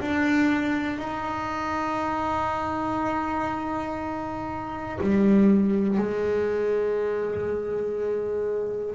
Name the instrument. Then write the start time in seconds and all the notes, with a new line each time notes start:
double bass
0.00 D4
0.99 D#4
5.01 G3
5.97 G#3